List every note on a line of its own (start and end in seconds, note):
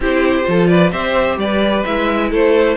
0.00 0.45 C4
0.00 0.43 E4
0.00 0.47 G4
0.00 0.67 C5
0.43 0.92 F3
0.43 0.89 F4
0.43 0.69 A4
0.67 0.91 B4
0.67 0.90 D5
0.91 1.37 C4
0.91 1.84 G4
0.91 1.37 C5
0.91 1.37 E5
1.37 1.83 G3
1.37 2.30 B4
1.37 1.84 D5
1.84 2.32 G#3
1.84 2.76 E4
1.84 2.30 E5
2.30 2.76 A3
2.30 2.76 A4
2.30 2.76 C5